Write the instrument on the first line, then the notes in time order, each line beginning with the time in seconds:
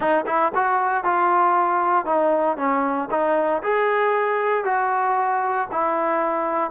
trombone
0.00 D#4
0.26 E4
0.54 F#4
1.03 F4
2.05 D#4
2.57 C#4
3.10 D#4
3.63 G#4
4.64 F#4
5.71 E4